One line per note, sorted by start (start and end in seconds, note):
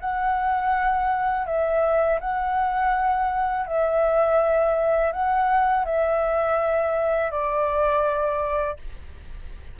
0.00 1.46 F#5
1.46 2.19 E5
2.20 3.66 F#5
3.66 5.12 E5
5.12 5.85 F#5
5.85 7.31 E5
7.31 8.77 D5